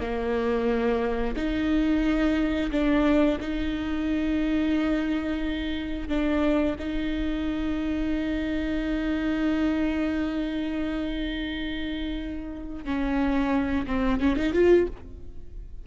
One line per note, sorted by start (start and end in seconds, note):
0.00 1.35 A#3
1.36 2.71 D#4
2.71 3.38 D4
3.40 6.08 D#4
6.08 6.75 D4
6.78 12.84 D#4
12.84 13.85 C#4
13.86 14.19 C4
14.19 14.36 C#4
14.36 14.53 D#4
14.53 14.87 F4